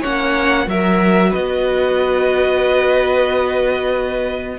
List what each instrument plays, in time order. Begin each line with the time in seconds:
0.00 cello A#3, viola C#4, violin C#5 F#5
0.66 cello F#3, viola F#4, violin A#4 E5
1.29 violin B4 D#5
1.36 cello B3